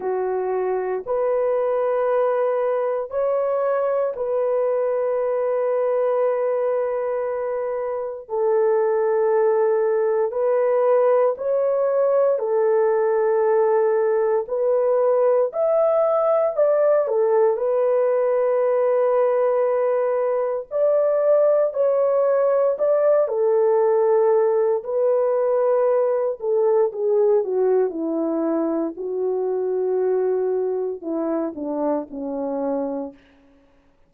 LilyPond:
\new Staff \with { instrumentName = "horn" } { \time 4/4 \tempo 4 = 58 fis'4 b'2 cis''4 | b'1 | a'2 b'4 cis''4 | a'2 b'4 e''4 |
d''8 a'8 b'2. | d''4 cis''4 d''8 a'4. | b'4. a'8 gis'8 fis'8 e'4 | fis'2 e'8 d'8 cis'4 | }